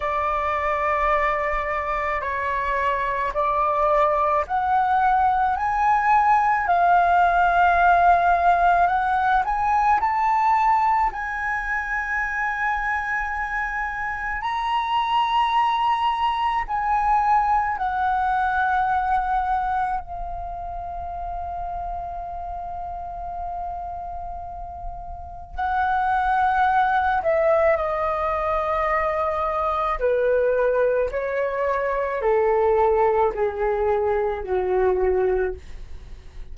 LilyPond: \new Staff \with { instrumentName = "flute" } { \time 4/4 \tempo 4 = 54 d''2 cis''4 d''4 | fis''4 gis''4 f''2 | fis''8 gis''8 a''4 gis''2~ | gis''4 ais''2 gis''4 |
fis''2 f''2~ | f''2. fis''4~ | fis''8 e''8 dis''2 b'4 | cis''4 a'4 gis'4 fis'4 | }